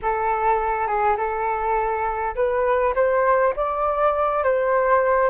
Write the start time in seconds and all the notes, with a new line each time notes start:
0.02 A4
0.87 G#4
1.17 A4
2.35 B4
2.95 C5
3.56 D5
4.43 C5